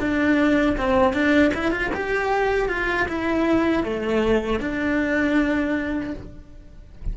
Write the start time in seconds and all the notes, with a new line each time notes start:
0.00 D4
0.77 C4
1.14 D4
1.54 E4
1.72 F4
1.94 G4
2.69 F4
3.08 E4
3.84 A3
4.60 D4